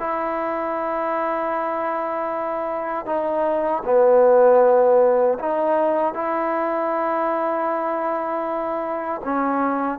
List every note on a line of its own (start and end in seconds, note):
0.00 3.06 E4
3.06 3.83 D#4
3.85 5.38 B3
5.40 6.14 D#4
6.14 9.22 E4
9.24 9.99 C#4